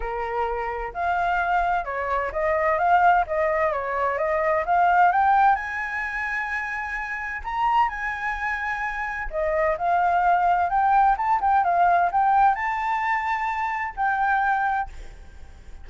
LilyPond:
\new Staff \with { instrumentName = "flute" } { \time 4/4 \tempo 4 = 129 ais'2 f''2 | cis''4 dis''4 f''4 dis''4 | cis''4 dis''4 f''4 g''4 | gis''1 |
ais''4 gis''2. | dis''4 f''2 g''4 | a''8 g''8 f''4 g''4 a''4~ | a''2 g''2 | }